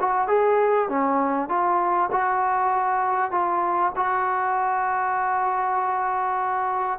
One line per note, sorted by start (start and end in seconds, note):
0.00 0.28 F#4
0.28 0.89 G#4
0.89 1.49 C#4
1.49 2.10 F4
2.12 3.31 F#4
3.31 3.92 F4
3.96 6.99 F#4